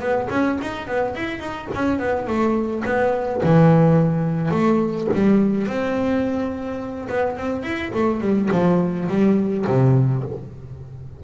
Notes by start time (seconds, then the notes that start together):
0.00 B3
0.30 C#4
0.61 D#4
0.87 B3
1.15 E4
1.40 D#4
1.74 C#4
1.99 B3
2.27 A3
2.85 B3
3.43 E3
4.51 A3
5.14 G3
5.67 C4
7.09 B3
7.37 C4
7.63 E4
7.95 A3
8.21 G3
8.52 F3
9.08 G3
9.67 C3